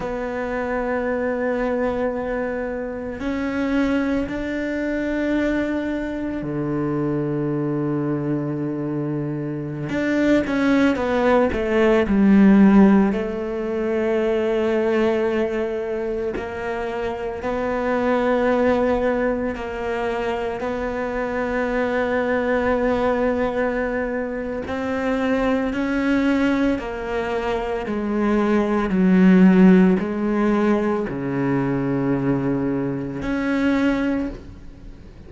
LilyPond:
\new Staff \with { instrumentName = "cello" } { \time 4/4 \tempo 4 = 56 b2. cis'4 | d'2 d2~ | d4~ d16 d'8 cis'8 b8 a8 g8.~ | g16 a2. ais8.~ |
ais16 b2 ais4 b8.~ | b2. c'4 | cis'4 ais4 gis4 fis4 | gis4 cis2 cis'4 | }